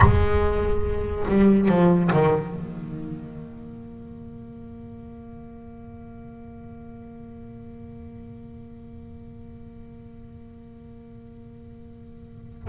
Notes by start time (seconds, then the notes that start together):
0.00 G#3
1.28 G3
1.68 F3
2.12 D#3
2.54 A#3